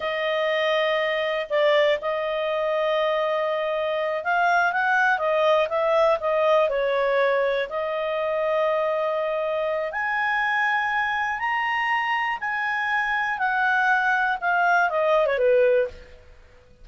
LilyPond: \new Staff \with { instrumentName = "clarinet" } { \time 4/4 \tempo 4 = 121 dis''2. d''4 | dis''1~ | dis''8 f''4 fis''4 dis''4 e''8~ | e''8 dis''4 cis''2 dis''8~ |
dis''1 | gis''2. ais''4~ | ais''4 gis''2 fis''4~ | fis''4 f''4 dis''8. cis''16 b'4 | }